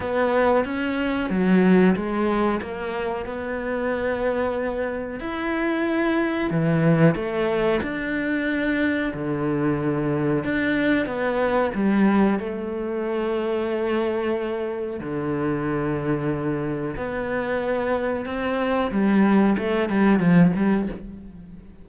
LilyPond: \new Staff \with { instrumentName = "cello" } { \time 4/4 \tempo 4 = 92 b4 cis'4 fis4 gis4 | ais4 b2. | e'2 e4 a4 | d'2 d2 |
d'4 b4 g4 a4~ | a2. d4~ | d2 b2 | c'4 g4 a8 g8 f8 g8 | }